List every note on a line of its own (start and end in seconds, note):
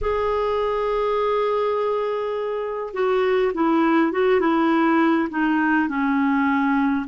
0.01 2.93 G#4
2.93 3.52 F#4
3.53 4.12 E4
4.12 4.40 F#4
4.40 5.28 E4
5.29 5.88 D#4
5.88 7.06 C#4